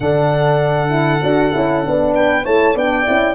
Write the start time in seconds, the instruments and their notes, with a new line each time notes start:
0.00 tuba D3, horn D4 A4, violin F#5
0.89 horn E4
1.22 tuba D4, horn F#4
1.53 tuba C#4, horn E4
1.83 tuba B3, horn D4
2.15 horn B4, violin G5
2.44 tuba A3, horn E4 C#5, violin A5
2.75 tuba B3, horn D4 D5, violin G5
3.05 tuba C#4, horn E4